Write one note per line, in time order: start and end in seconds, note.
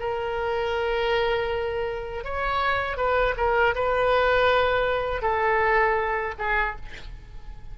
0.00 2.25 A#4
2.25 2.97 C#5
2.97 3.35 B4
3.38 3.75 A#4
3.75 5.22 B4
5.22 6.34 A4
6.39 6.76 G#4